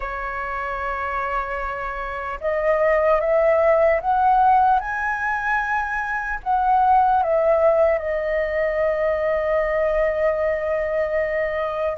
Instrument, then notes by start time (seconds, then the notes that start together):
flute
0.00 C#5
2.40 D#5
3.20 E5
4.00 F#5
4.79 G#5
6.43 F#5
7.23 E5
7.98 D#5